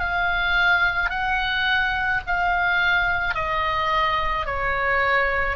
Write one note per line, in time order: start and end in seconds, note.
0.00 1.10 F5
1.10 2.21 F#5
2.27 3.35 F5
3.35 4.46 D#5
4.46 5.57 C#5